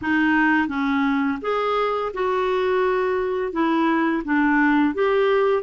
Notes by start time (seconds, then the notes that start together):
0.01 D#4
0.68 C#4
1.41 G#4
2.13 F#4
3.52 E4
4.24 D4
4.94 G4